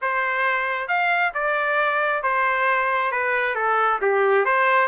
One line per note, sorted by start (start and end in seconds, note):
0.01 0.88 C5
0.88 1.32 F5
1.34 2.23 D5
2.23 3.11 C5
3.11 3.55 B4
3.55 3.99 A4
4.01 4.45 G4
4.45 4.87 C5